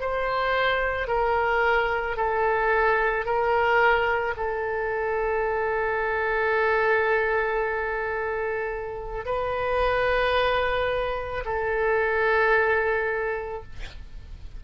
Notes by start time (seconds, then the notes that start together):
0.00 C5
1.08 A#4
2.17 A4
3.25 A#4
4.36 A4
9.25 B4
11.44 A4